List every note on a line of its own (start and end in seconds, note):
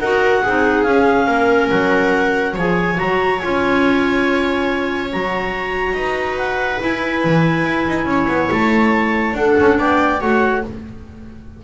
0.00 0.43 D#4
0.00 0.45 F#4
0.00 0.43 A#4
0.00 0.83 F#5
0.43 0.86 C4
0.43 0.87 D#4
0.43 1.27 G#4
0.83 1.27 C#4
0.83 2.57 C#4
0.83 1.68 F5
1.27 1.70 A#3
1.27 2.54 A#4
1.70 2.56 F#3
1.70 2.55 F#5
2.54 2.99 F3
2.54 2.95 G#4
2.54 5.95 C#5
2.54 2.99 G#5
2.95 3.43 F#3
2.95 3.38 F#4
2.95 3.39 A#5
3.39 5.13 C#4
3.39 5.11 F4
3.39 5.09 G#5
5.11 5.94 F#3
5.11 6.80 F#4
5.11 6.38 A#5
5.94 6.79 D#4
5.94 8.08 B4
6.38 6.81 F#5
6.80 9.35 E4
6.80 7.25 E4
6.80 8.52 G#5
7.25 7.65 E3
7.65 7.87 E4
7.88 8.06 D#4
8.06 8.27 C#4
8.06 9.37 C#5
8.28 8.49 B3
8.51 9.33 A3
8.51 9.36 A5
9.33 9.55 D4
9.33 10.20 D4
9.33 9.79 A4
9.33 9.78 F#5
9.60 9.79 C#4
9.79 10.21 B3
9.79 10.21 D5
9.79 10.22 G5
10.20 10.64 A3
10.20 10.63 F#4
10.20 10.64 C#5
10.20 10.64 F#5